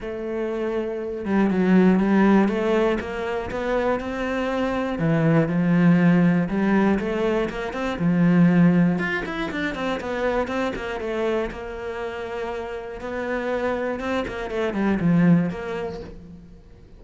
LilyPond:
\new Staff \with { instrumentName = "cello" } { \time 4/4 \tempo 4 = 120 a2~ a8 g8 fis4 | g4 a4 ais4 b4 | c'2 e4 f4~ | f4 g4 a4 ais8 c'8 |
f2 f'8 e'8 d'8 c'8 | b4 c'8 ais8 a4 ais4~ | ais2 b2 | c'8 ais8 a8 g8 f4 ais4 | }